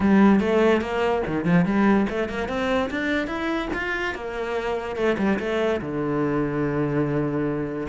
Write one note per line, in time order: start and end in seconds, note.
0.00 0.40 G3
0.40 0.81 A3
0.81 1.22 A#3
1.26 1.45 D#3
1.45 1.65 F3
1.65 2.06 G3
2.09 2.28 A3
2.28 2.48 A#3
2.48 2.89 C4
2.90 3.27 D4
3.27 3.68 E4
3.73 4.15 F4
4.15 4.95 A#3
4.95 5.16 A3
5.18 5.38 G3
5.39 5.80 A3
5.81 7.88 D3